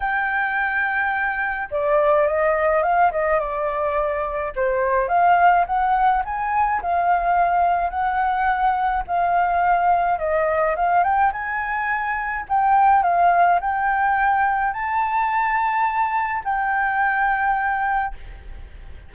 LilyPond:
\new Staff \with { instrumentName = "flute" } { \time 4/4 \tempo 4 = 106 g''2. d''4 | dis''4 f''8 dis''8 d''2 | c''4 f''4 fis''4 gis''4 | f''2 fis''2 |
f''2 dis''4 f''8 g''8 | gis''2 g''4 f''4 | g''2 a''2~ | a''4 g''2. | }